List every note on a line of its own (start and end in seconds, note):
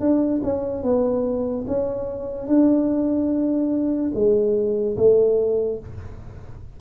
0.00 0.41 D4
0.43 0.83 C#4
0.83 1.65 B3
1.67 2.47 C#4
2.47 4.11 D4
4.14 4.96 G#3
4.97 5.79 A3